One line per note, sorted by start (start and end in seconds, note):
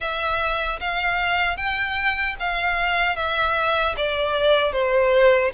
0.00 0.79 E5
0.80 1.56 F5
1.56 2.35 G5
2.39 3.16 F5
3.16 3.95 E5
3.96 4.72 D5
4.72 5.51 C5